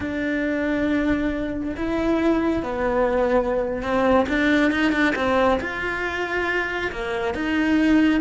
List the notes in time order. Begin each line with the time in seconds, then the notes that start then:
0.00 D4
1.76 E4
2.62 B3
3.82 C4
4.28 D4
4.71 D#4
4.92 D4
5.15 C4
5.60 F4
6.92 A#3
7.34 D#4